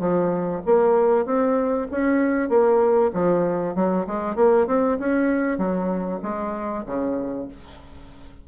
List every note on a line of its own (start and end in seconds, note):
0.00 0.62 F3
0.66 1.26 A#3
1.26 1.88 C4
1.91 2.49 C#4
2.49 3.11 A#3
3.13 3.75 F3
3.75 4.06 F#3
4.07 4.36 G#3
4.36 4.67 A#3
4.67 4.98 C4
5.00 5.58 C#4
5.58 6.20 F#3
6.23 6.85 G#3
6.86 7.48 C#3